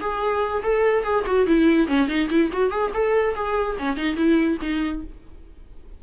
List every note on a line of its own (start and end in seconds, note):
0.00 0.62 G#4
0.63 1.04 A4
1.04 1.25 G#4
1.26 1.46 F#4
1.46 1.87 E4
1.87 2.08 C#4
2.08 2.28 D#4
2.30 2.51 E4
2.52 2.70 F#4
2.70 2.91 G#4
2.94 3.35 A4
3.35 3.76 G#4
3.78 3.96 C#4
3.96 4.16 D#4
4.16 4.58 E4
4.61 5.03 D#4